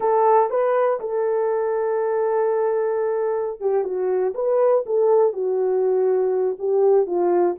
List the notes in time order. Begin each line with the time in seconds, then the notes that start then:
0.00 A4
0.50 B4
1.00 A4
3.60 G4
3.84 F#4
4.34 B4
4.85 A4
5.32 F#4
6.58 G4
7.06 F4